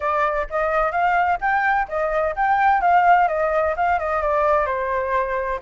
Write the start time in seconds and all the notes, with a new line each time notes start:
0.00 D5
0.50 D#5
0.91 F5
1.40 G5
1.88 D#5
2.35 G5
2.81 F5
3.28 D#5
3.76 F5
3.99 D#5
4.22 D5
4.66 C5